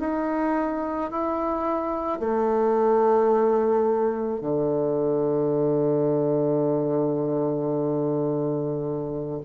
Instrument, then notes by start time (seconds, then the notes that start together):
bassoon
0.00 D#4
1.11 E4
2.20 A3
4.41 D3